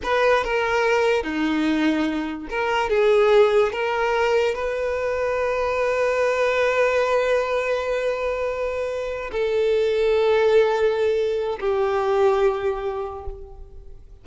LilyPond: \new Staff \with { instrumentName = "violin" } { \time 4/4 \tempo 4 = 145 b'4 ais'2 dis'4~ | dis'2 ais'4 gis'4~ | gis'4 ais'2 b'4~ | b'1~ |
b'1~ | b'2~ b'8 a'4.~ | a'1 | g'1 | }